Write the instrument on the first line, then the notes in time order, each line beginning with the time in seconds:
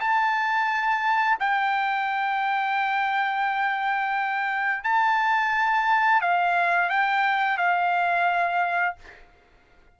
trumpet
0.00 A5
1.39 G5
4.83 A5
6.21 F5
6.90 G5
7.58 F5